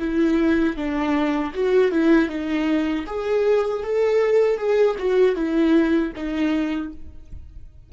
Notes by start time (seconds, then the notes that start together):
0.00 E4
0.77 D4
1.54 F#4
1.92 E4
2.29 D#4
3.07 G#4
3.84 A4
4.58 G#4
4.99 F#4
5.36 E4
6.16 D#4